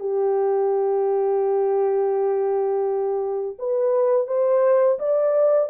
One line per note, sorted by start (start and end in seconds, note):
0.00 3.57 G4
3.59 4.28 B4
4.28 4.99 C5
5.00 5.70 D5